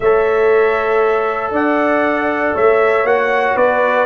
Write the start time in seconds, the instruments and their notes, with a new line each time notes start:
0.00 tuba A3, trombone A4, horn C#5, trumpet E5
1.50 tuba D4, horn D5, trumpet F#5
2.54 tuba A3, horn C#5, trumpet E5
3.03 tuba A#3, trombone F#4, trumpet F#5
3.55 tuba B3, horn B4, trumpet D5